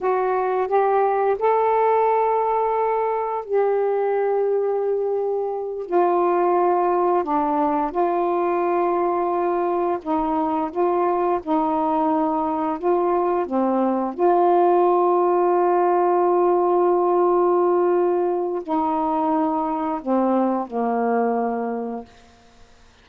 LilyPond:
\new Staff \with { instrumentName = "saxophone" } { \time 4/4 \tempo 4 = 87 fis'4 g'4 a'2~ | a'4 g'2.~ | g'8 f'2 d'4 f'8~ | f'2~ f'8 dis'4 f'8~ |
f'8 dis'2 f'4 c'8~ | c'8 f'2.~ f'8~ | f'2. dis'4~ | dis'4 c'4 ais2 | }